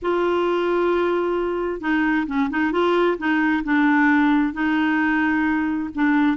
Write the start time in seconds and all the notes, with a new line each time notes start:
0.02 F4
1.80 D#4
2.26 C#4
2.50 D#4
2.71 F4
3.18 D#4
3.64 D4
4.53 D#4
5.94 D4